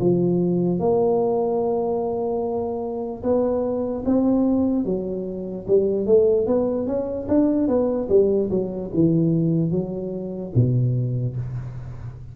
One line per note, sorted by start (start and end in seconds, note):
0.00 0.80 F3
0.80 3.23 A#3
3.23 4.04 B3
4.06 4.86 C4
4.86 5.67 F#3
5.68 6.07 G3
6.07 6.47 A3
6.47 6.87 B3
6.87 7.28 C#4
7.29 7.68 D4
7.68 8.09 B3
8.09 8.50 G3
8.51 8.91 F#3
8.94 9.71 E3
9.71 10.53 F#3
10.56 11.37 B2